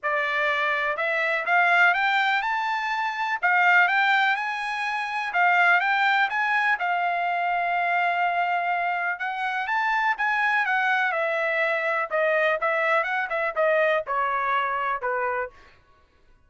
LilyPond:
\new Staff \with { instrumentName = "trumpet" } { \time 4/4 \tempo 4 = 124 d''2 e''4 f''4 | g''4 a''2 f''4 | g''4 gis''2 f''4 | g''4 gis''4 f''2~ |
f''2. fis''4 | a''4 gis''4 fis''4 e''4~ | e''4 dis''4 e''4 fis''8 e''8 | dis''4 cis''2 b'4 | }